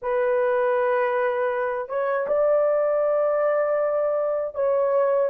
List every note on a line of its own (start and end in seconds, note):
0.02 1.88 B4
1.88 2.26 C#5
2.27 4.54 D5
4.54 5.29 C#5